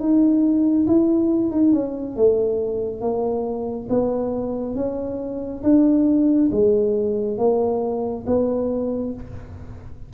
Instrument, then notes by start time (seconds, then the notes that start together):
tuba
0.00 D#4
0.87 E4
1.51 D#4
1.73 C#4
2.17 A3
3.02 A#3
3.90 B3
4.76 C#4
5.63 D4
6.52 G#3
7.38 A#3
8.27 B3